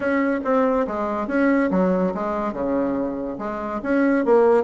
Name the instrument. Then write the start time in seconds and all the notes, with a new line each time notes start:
bassoon
0.00 C#4
0.44 C4
0.87 G#3
1.27 C#4
1.71 F#3
2.14 G#3
2.53 C#3
3.38 G#3
3.82 C#4
4.25 A#3